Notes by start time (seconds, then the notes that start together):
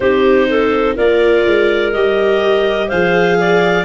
0.00 C4 D#4 G4 C5
0.49 A4
0.95 A#3 F4 A#4 D5
1.46 G#3
1.92 G3 G4 D#5
2.88 F3 G#4 C5 F5
3.40 D5